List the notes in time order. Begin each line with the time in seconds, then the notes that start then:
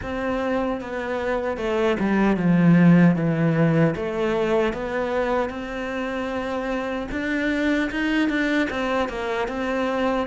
0.02 C4
0.81 B3
1.57 A3
1.99 G3
2.36 F3
3.15 E3
3.95 A3
4.73 B3
5.49 C4
7.11 D4
7.90 D#4
8.29 D4
8.69 C4
9.09 A#3
9.48 C4